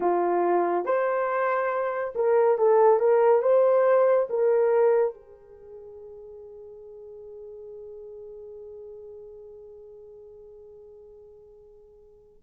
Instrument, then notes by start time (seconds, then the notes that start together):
horn
0.00 F4
0.85 C5
2.15 A#4
2.58 A4
2.99 A#4
3.41 C5
4.29 A#4
5.14 G#4